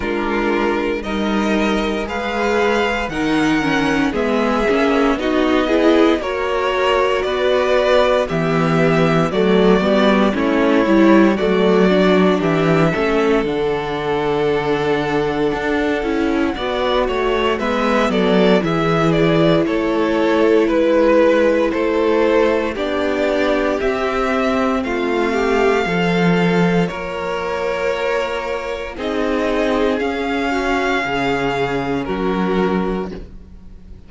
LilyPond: <<
  \new Staff \with { instrumentName = "violin" } { \time 4/4 \tempo 4 = 58 ais'4 dis''4 f''4 fis''4 | e''4 dis''4 cis''4 d''4 | e''4 d''4 cis''4 d''4 | e''4 fis''2.~ |
fis''4 e''8 d''8 e''8 d''8 cis''4 | b'4 c''4 d''4 e''4 | f''2 cis''2 | dis''4 f''2 ais'4 | }
  \new Staff \with { instrumentName = "violin" } { \time 4/4 f'4 ais'4 b'4 ais'4 | gis'4 fis'8 gis'8 ais'4 b'4 | g'4 fis'4 e'4 fis'4 | g'8 a'2.~ a'8 |
d''8 cis''8 b'8 a'8 gis'4 a'4 | b'4 a'4 g'2 | f'8 g'8 a'4 ais'2 | gis'4. fis'8 gis'4 fis'4 | }
  \new Staff \with { instrumentName = "viola" } { \time 4/4 d'4 dis'4 gis'4 dis'8 cis'8 | b8 cis'8 dis'8 e'8 fis'2 | b4 a8 b8 cis'8 e'8 a8 d'8~ | d'8 cis'8 d'2~ d'8 e'8 |
fis'4 b4 e'2~ | e'2 d'4 c'4~ | c'4 f'2. | dis'4 cis'2. | }
  \new Staff \with { instrumentName = "cello" } { \time 4/4 gis4 g4 gis4 dis4 | gis8 ais8 b4 ais4 b4 | e4 fis8 g8 a8 g8 fis4 | e8 a8 d2 d'8 cis'8 |
b8 a8 gis8 fis8 e4 a4 | gis4 a4 b4 c'4 | a4 f4 ais2 | c'4 cis'4 cis4 fis4 | }
>>